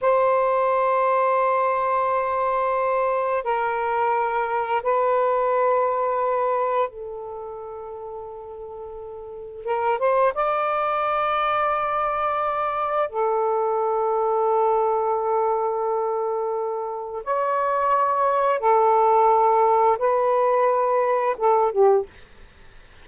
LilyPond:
\new Staff \with { instrumentName = "saxophone" } { \time 4/4 \tempo 4 = 87 c''1~ | c''4 ais'2 b'4~ | b'2 a'2~ | a'2 ais'8 c''8 d''4~ |
d''2. a'4~ | a'1~ | a'4 cis''2 a'4~ | a'4 b'2 a'8 g'8 | }